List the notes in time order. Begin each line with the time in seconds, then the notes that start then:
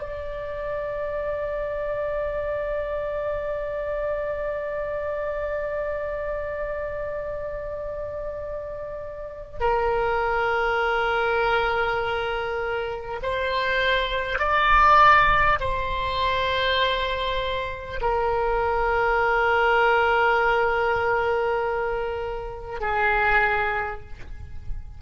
0.00 D5
9.60 A#4
13.23 C5
14.39 D5
15.61 C5
18.01 A#4
22.81 G#4